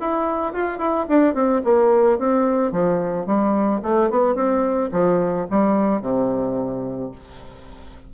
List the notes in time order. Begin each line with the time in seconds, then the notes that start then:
0.00 E4
0.53 F4
0.78 E4
1.08 D4
1.34 C4
1.64 A#3
2.18 C4
2.71 F3
3.26 G3
3.82 A3
4.10 B3
4.35 C4
4.92 F3
5.50 G3
6.01 C3